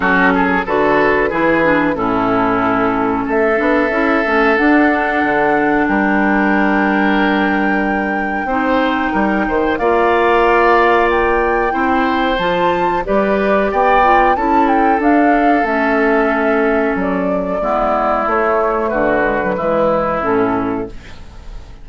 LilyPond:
<<
  \new Staff \with { instrumentName = "flute" } { \time 4/4 \tempo 4 = 92 a'4 b'2 a'4~ | a'4 e''2 fis''4~ | fis''4 g''2.~ | g''2. f''4~ |
f''4 g''2 a''4 | d''4 g''4 a''8 g''8 f''4 | e''2 d''2 | cis''4 b'2 a'4 | }
  \new Staff \with { instrumentName = "oboe" } { \time 4/4 fis'8 gis'8 a'4 gis'4 e'4~ | e'4 a'2.~ | a'4 ais'2.~ | ais'4 c''4 ais'8 c''8 d''4~ |
d''2 c''2 | b'4 d''4 a'2~ | a'2. e'4~ | e'4 fis'4 e'2 | }
  \new Staff \with { instrumentName = "clarinet" } { \time 4/4 cis'4 fis'4 e'8 d'8 cis'4~ | cis'4. d'8 e'8 cis'8 d'4~ | d'1~ | d'4 dis'2 f'4~ |
f'2 e'4 f'4 | g'4. f'8 e'4 d'4 | cis'2. b4 | a4. gis16 fis16 gis4 cis'4 | }
  \new Staff \with { instrumentName = "bassoon" } { \time 4/4 fis4 d4 e4 a,4~ | a,4 a8 b8 cis'8 a8 d'4 | d4 g2.~ | g4 c'4 g8 dis8 ais4~ |
ais2 c'4 f4 | g4 b4 cis'4 d'4 | a2 fis4 gis4 | a4 d4 e4 a,4 | }
>>